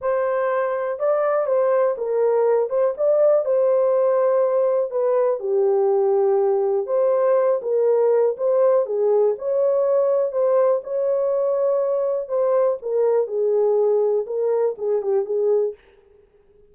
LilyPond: \new Staff \with { instrumentName = "horn" } { \time 4/4 \tempo 4 = 122 c''2 d''4 c''4 | ais'4. c''8 d''4 c''4~ | c''2 b'4 g'4~ | g'2 c''4. ais'8~ |
ais'4 c''4 gis'4 cis''4~ | cis''4 c''4 cis''2~ | cis''4 c''4 ais'4 gis'4~ | gis'4 ais'4 gis'8 g'8 gis'4 | }